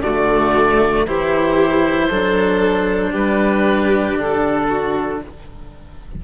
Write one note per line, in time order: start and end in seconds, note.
0.00 1.03 D3
0.00 1.07 A3
0.00 1.07 F#4
0.00 1.06 D5
1.06 2.10 E3
1.06 2.11 E4
1.06 2.08 G4
1.06 3.14 C5
2.08 3.13 F#3
2.08 5.21 D4
2.08 3.11 A4
3.11 4.14 G3
3.11 4.66 G4
3.11 4.18 B4
4.14 5.17 D3
4.21 5.24 A4
4.69 5.21 F#4